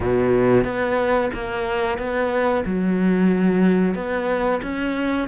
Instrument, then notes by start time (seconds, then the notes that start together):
cello
0.00 B2
0.64 B3
1.34 A#3
1.98 B3
2.65 F#3
3.94 B3
4.62 C#4